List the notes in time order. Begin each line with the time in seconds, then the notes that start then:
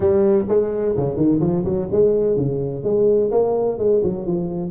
0.00 G3
0.48 G#3
0.96 C#3
1.16 D#3
1.40 F3
1.64 F#3
1.91 G#3
2.36 C#3
2.83 G#3
3.31 A#3
3.78 G#3
4.03 F#3
4.26 F3